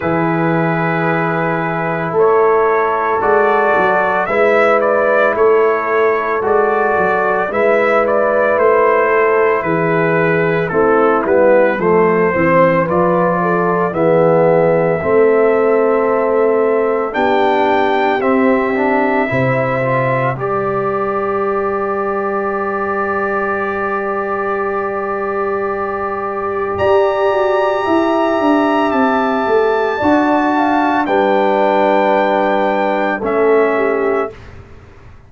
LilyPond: <<
  \new Staff \with { instrumentName = "trumpet" } { \time 4/4 \tempo 4 = 56 b'2 cis''4 d''4 | e''8 d''8 cis''4 d''4 e''8 d''8 | c''4 b'4 a'8 b'8 c''4 | d''4 e''2. |
g''4 e''2 d''4~ | d''1~ | d''4 ais''2 a''4~ | a''4 g''2 e''4 | }
  \new Staff \with { instrumentName = "horn" } { \time 4/4 gis'2 a'2 | b'4 a'2 b'4~ | b'8 a'8 gis'4 e'4 a'8 c''8 | b'8 a'8 gis'4 a'2 |
g'2 c''4 b'4~ | b'1~ | b'4 d''4 e''2 | d''8 f''8 b'2 a'8 g'8 | }
  \new Staff \with { instrumentName = "trombone" } { \time 4/4 e'2. fis'4 | e'2 fis'4 e'4~ | e'2 c'8 b8 a8 c'8 | f'4 b4 c'2 |
d'4 c'8 d'8 e'8 f'8 g'4~ | g'1~ | g'1 | fis'4 d'2 cis'4 | }
  \new Staff \with { instrumentName = "tuba" } { \time 4/4 e2 a4 gis8 fis8 | gis4 a4 gis8 fis8 gis4 | a4 e4 a8 g8 f8 e8 | f4 e4 a2 |
b4 c'4 c4 g4~ | g1~ | g4 g'8 fis'8 e'8 d'8 c'8 a8 | d'4 g2 a4 | }
>>